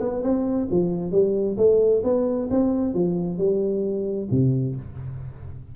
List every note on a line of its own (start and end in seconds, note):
0.00 0.23 B3
0.23 0.68 C4
0.71 1.12 F3
1.12 1.57 G3
1.57 2.02 A3
2.04 2.49 B3
2.51 2.94 C4
2.94 3.38 F3
3.38 4.29 G3
4.31 4.76 C3